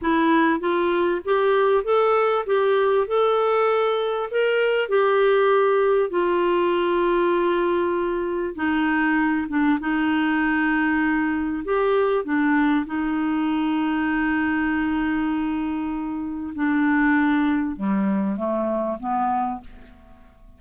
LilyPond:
\new Staff \with { instrumentName = "clarinet" } { \time 4/4 \tempo 4 = 98 e'4 f'4 g'4 a'4 | g'4 a'2 ais'4 | g'2 f'2~ | f'2 dis'4. d'8 |
dis'2. g'4 | d'4 dis'2.~ | dis'2. d'4~ | d'4 g4 a4 b4 | }